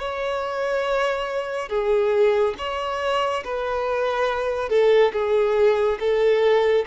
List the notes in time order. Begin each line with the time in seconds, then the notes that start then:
0.00 C#5
1.69 G#4
2.58 C#5
3.45 B4
4.69 A4
5.13 G#4
6.00 A4